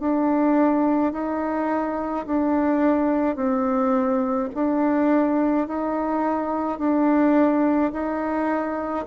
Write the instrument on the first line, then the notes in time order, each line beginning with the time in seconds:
bassoon
0.00 D4
1.13 D#4
2.26 D4
3.37 C4
4.55 D4
5.68 D#4
6.79 D4
7.93 D#4